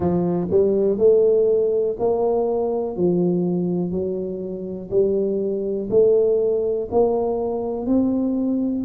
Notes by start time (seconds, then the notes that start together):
0.00 F3
0.50 G3
0.98 A3
1.99 A#3
2.96 F3
3.91 F#3
4.90 G3
5.90 A3
6.91 A#3
7.86 C4